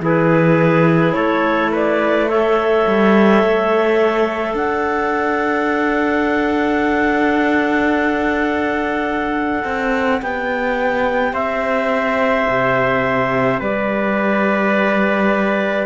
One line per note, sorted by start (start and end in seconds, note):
0.00 1.13 E3
0.00 2.28 E4
0.00 1.16 G#4
0.00 1.13 B4
1.13 2.86 A3
1.13 1.72 A4
1.13 1.69 C#5
1.72 2.29 B4
1.72 2.29 D5
2.29 10.21 A4
2.29 4.54 C#5
2.29 4.55 E5
2.87 3.43 G3
3.43 4.54 A3
4.54 9.63 D4
4.54 11.33 D5
4.54 10.22 F#5
9.64 10.21 C4
10.21 11.33 B3
10.21 15.86 G4
10.21 11.34 G5
11.33 12.46 C4
11.33 13.60 C5
11.33 13.60 E5
12.48 13.60 C3
13.60 15.86 G3
13.60 15.86 B4
13.60 15.86 D5